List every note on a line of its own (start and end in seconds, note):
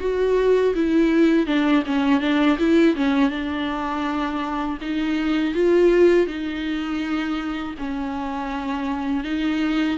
0.00 0.74 F#4
0.75 1.46 E4
1.46 1.83 D4
1.86 2.20 C#4
2.20 2.57 D4
2.59 2.95 E4
2.95 3.30 C#4
3.30 4.78 D4
4.81 5.54 D#4
5.54 6.27 F4
6.27 7.74 D#4
7.78 9.24 C#4
9.24 9.97 D#4